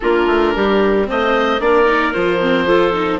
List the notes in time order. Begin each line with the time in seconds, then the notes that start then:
0.00 A#3 D4 F4 A#4
0.26 A3
0.55 G3 G4
1.04 A3 C4 C5 D#5
1.59 A#3 D4 A#4 D5
1.85 D#4
2.13 F3 F4 C5
2.40 C4
2.66 F4 A4
2.93 D#4